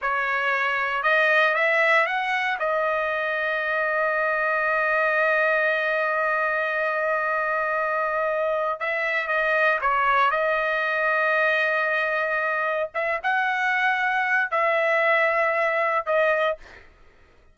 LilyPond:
\new Staff \with { instrumentName = "trumpet" } { \time 4/4 \tempo 4 = 116 cis''2 dis''4 e''4 | fis''4 dis''2.~ | dis''1~ | dis''1~ |
dis''4 e''4 dis''4 cis''4 | dis''1~ | dis''4 e''8 fis''2~ fis''8 | e''2. dis''4 | }